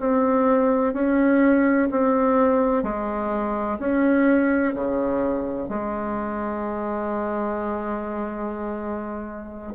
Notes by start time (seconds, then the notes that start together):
0.00 C4
0.94 C#4
1.91 C4
2.83 G#3
3.79 C#4
4.74 C#3
5.69 G#3